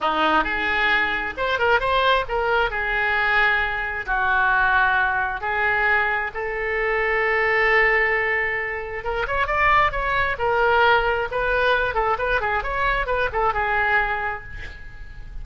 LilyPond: \new Staff \with { instrumentName = "oboe" } { \time 4/4 \tempo 4 = 133 dis'4 gis'2 c''8 ais'8 | c''4 ais'4 gis'2~ | gis'4 fis'2. | gis'2 a'2~ |
a'1 | ais'8 cis''8 d''4 cis''4 ais'4~ | ais'4 b'4. a'8 b'8 gis'8 | cis''4 b'8 a'8 gis'2 | }